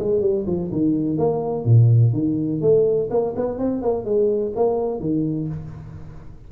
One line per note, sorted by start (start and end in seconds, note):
0.00 0.22 G#3
0.22 0.46 G3
0.47 0.71 F3
0.72 1.18 D#3
1.18 1.65 A#3
1.65 2.13 A#2
2.14 2.62 D#3
2.62 3.10 A3
3.11 3.35 A#3
3.37 3.59 B3
3.59 3.82 C4
3.82 4.05 A#3
4.05 4.53 G#3
4.56 5.01 A#3
5.01 5.49 D#3